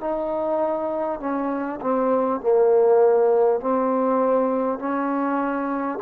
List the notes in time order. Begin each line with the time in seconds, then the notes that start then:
0.00 D#4
1.19 C#4
1.81 C4
2.41 A#3
3.60 C4
4.79 C#4